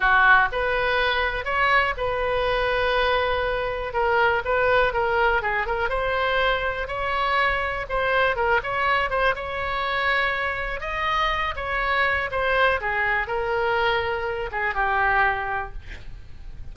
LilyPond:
\new Staff \with { instrumentName = "oboe" } { \time 4/4 \tempo 4 = 122 fis'4 b'2 cis''4 | b'1 | ais'4 b'4 ais'4 gis'8 ais'8 | c''2 cis''2 |
c''4 ais'8 cis''4 c''8 cis''4~ | cis''2 dis''4. cis''8~ | cis''4 c''4 gis'4 ais'4~ | ais'4. gis'8 g'2 | }